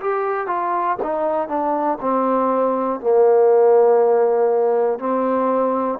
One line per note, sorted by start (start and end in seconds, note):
0.00 0.46 G4
0.46 0.96 F4
1.02 1.48 D#4
1.48 1.98 D4
2.00 3.00 C4
3.00 4.99 A#3
4.99 5.99 C4